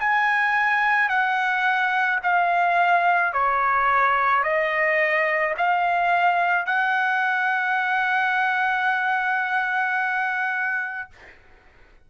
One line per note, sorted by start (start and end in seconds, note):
0.00 1.09 G#5
1.09 2.20 F#5
2.23 3.33 F5
3.33 4.44 C#5
4.44 5.55 D#5
5.58 6.66 F5
6.66 11.11 F#5